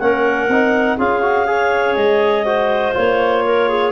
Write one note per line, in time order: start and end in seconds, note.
0.00 0.49 A#3
0.00 0.50 C#4
0.00 0.98 A#4
0.00 0.98 F#5
0.49 0.98 C4
0.49 0.99 D#4
0.98 1.96 C#4
0.98 1.22 F4
0.98 1.47 G#4
0.98 1.95 F5
1.22 1.47 F#4
1.47 2.45 G#4
1.47 2.46 C#5
1.95 2.95 G#3
1.95 2.93 D#5
2.45 2.94 F#4
2.45 3.44 C5
2.94 3.92 A#3
2.94 3.92 F4
2.94 3.92 C#5
3.45 3.69 A#4
3.69 3.92 G#4